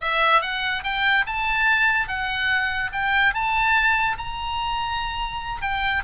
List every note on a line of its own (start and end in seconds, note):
0.01 0.41 E5
0.41 0.83 F#5
0.83 1.25 G5
1.26 2.08 A5
2.08 2.91 F#5
2.92 3.33 G5
3.33 4.17 A5
4.17 5.61 A#5
5.61 6.03 G5